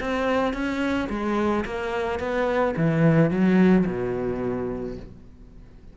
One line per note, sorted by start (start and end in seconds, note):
0.00 0.53 C4
0.53 1.08 C#4
1.10 1.65 G#3
1.65 2.19 A#3
2.19 2.74 B3
2.76 3.31 E3
3.31 3.86 F#3
3.86 4.96 B2